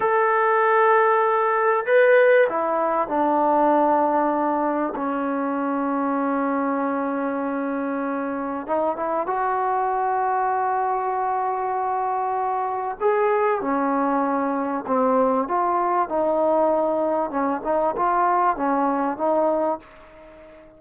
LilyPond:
\new Staff \with { instrumentName = "trombone" } { \time 4/4 \tempo 4 = 97 a'2. b'4 | e'4 d'2. | cis'1~ | cis'2 dis'8 e'8 fis'4~ |
fis'1~ | fis'4 gis'4 cis'2 | c'4 f'4 dis'2 | cis'8 dis'8 f'4 cis'4 dis'4 | }